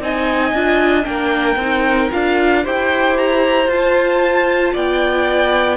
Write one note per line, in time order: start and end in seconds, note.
0.00 0.53 C4
0.00 0.54 D#4
0.00 1.08 D#5
0.00 1.05 G#5
0.53 1.06 D4
0.53 1.03 F4
1.03 1.56 A#3
1.03 1.56 D4
1.03 2.63 A#4
1.03 2.10 G5
1.56 2.09 C4
1.56 2.11 D#4
2.11 2.66 D4
2.11 2.64 F4
2.11 2.65 F5
2.63 3.67 E4
2.63 3.69 G4
2.63 4.73 C5
2.63 3.17 G5
3.17 3.70 A#5
3.67 4.72 F4
3.67 5.77 F4
3.67 4.75 A5
4.73 5.77 B3
4.73 5.77 D5
4.73 5.77 G5